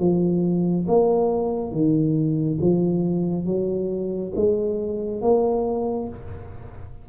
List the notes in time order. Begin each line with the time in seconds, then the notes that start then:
0.00 F3
0.88 A#3
1.72 D#3
2.62 F3
3.46 F#3
4.36 G#3
5.22 A#3